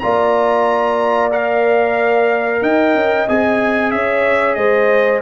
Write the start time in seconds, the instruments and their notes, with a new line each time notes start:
0.00 tuba A#3, trombone F4, horn D5, trumpet A#5
1.31 trombone A#4, trumpet F5
2.62 tuba D#4, horn D#5, trumpet G5
2.95 tuba C#4
3.29 tuba C4, trombone G#4, trumpet G#5
3.91 tuba C#4, horn C#5, trumpet E5
4.55 tuba G#3, horn C5, trumpet D#5